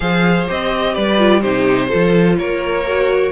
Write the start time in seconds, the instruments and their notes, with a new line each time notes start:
0.00 cello F3, viola G#4, violin C5 F5
0.47 cello C4, viola G4, violin D#5
0.93 cello G3, violin B4 D5
1.18 viola F4
1.41 cello C3, viola D#4, violin G4 C5
1.88 viola F4, violin A4
1.94 cello F3
2.37 cello A#3, violin A#4 C#5
2.87 viola F#4